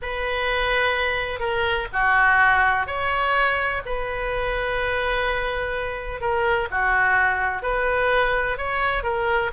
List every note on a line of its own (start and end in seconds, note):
0.02 1.39 B4
1.39 1.87 A#4
1.92 2.86 F#4
2.86 3.81 C#5
3.85 6.20 B4
6.20 6.68 A#4
6.71 7.62 F#4
7.62 8.57 B4
8.57 9.03 C#5
9.03 9.50 A#4